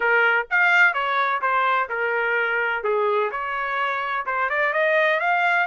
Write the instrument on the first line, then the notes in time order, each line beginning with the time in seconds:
trumpet
0.00 A#4
0.50 F5
0.93 C#5
1.41 C5
1.89 A#4
2.83 G#4
3.31 C#5
4.26 C5
4.49 D5
4.73 D#5
5.19 F5